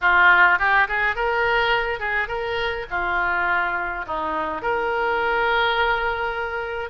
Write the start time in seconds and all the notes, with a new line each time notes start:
0.01 F4
0.58 G4
0.88 G#4
1.15 A#4
1.99 G#4
2.28 A#4
2.90 F4
4.06 D#4
4.62 A#4